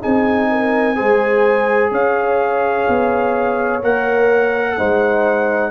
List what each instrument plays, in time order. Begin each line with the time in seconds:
0.00 tuba C4, trombone D#4, horn G#4, trumpet G#5
0.51 horn A#4
0.96 tuba G#3, trombone G#4, horn C5
1.91 tuba C#4, horn C#5, trumpet F5
2.88 tuba B3
3.82 tuba A#3, trombone A#4, trumpet F#5
4.77 tuba G#3, trombone D#4, horn C5